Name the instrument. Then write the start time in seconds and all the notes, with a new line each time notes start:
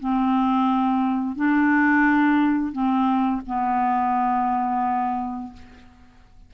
clarinet
0.00 C4
1.36 D4
2.72 C4
3.46 B3